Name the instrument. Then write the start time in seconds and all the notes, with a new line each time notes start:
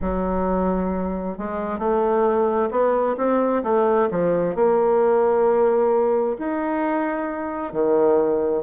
bassoon
0.01 F#3
1.38 G#3
1.78 A3
2.70 B3
3.17 C4
3.63 A3
4.10 F3
4.55 A#3
6.38 D#4
7.73 D#3